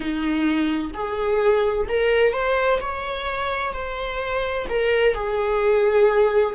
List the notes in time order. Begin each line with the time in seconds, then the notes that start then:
0.00 D#4
0.94 G#4
1.88 A#4
2.32 C5
2.80 C#5
3.72 C5
4.69 A#4
5.14 G#4